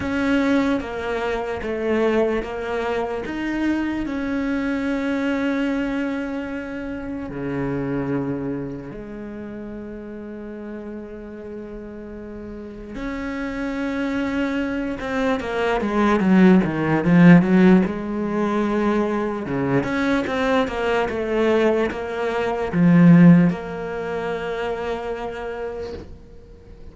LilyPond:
\new Staff \with { instrumentName = "cello" } { \time 4/4 \tempo 4 = 74 cis'4 ais4 a4 ais4 | dis'4 cis'2.~ | cis'4 cis2 gis4~ | gis1 |
cis'2~ cis'8 c'8 ais8 gis8 | fis8 dis8 f8 fis8 gis2 | cis8 cis'8 c'8 ais8 a4 ais4 | f4 ais2. | }